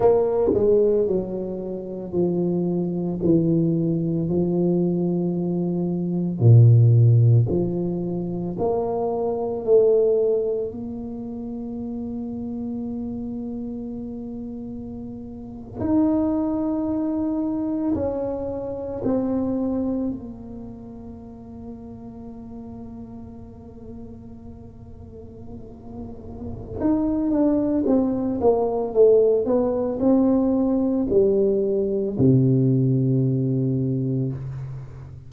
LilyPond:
\new Staff \with { instrumentName = "tuba" } { \time 4/4 \tempo 4 = 56 ais8 gis8 fis4 f4 e4 | f2 ais,4 f4 | ais4 a4 ais2~ | ais2~ ais8. dis'4~ dis'16~ |
dis'8. cis'4 c'4 ais4~ ais16~ | ais1~ | ais4 dis'8 d'8 c'8 ais8 a8 b8 | c'4 g4 c2 | }